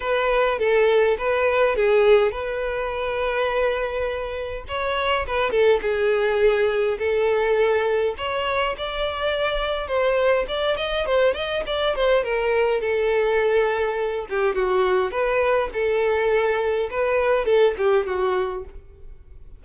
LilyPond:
\new Staff \with { instrumentName = "violin" } { \time 4/4 \tempo 4 = 103 b'4 a'4 b'4 gis'4 | b'1 | cis''4 b'8 a'8 gis'2 | a'2 cis''4 d''4~ |
d''4 c''4 d''8 dis''8 c''8 dis''8 | d''8 c''8 ais'4 a'2~ | a'8 g'8 fis'4 b'4 a'4~ | a'4 b'4 a'8 g'8 fis'4 | }